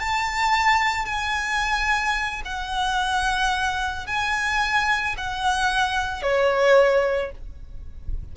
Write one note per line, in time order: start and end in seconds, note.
0.00 1.06 A5
1.06 2.42 G#5
2.45 4.07 F#5
4.07 5.16 G#5
5.18 6.22 F#5
6.22 7.31 C#5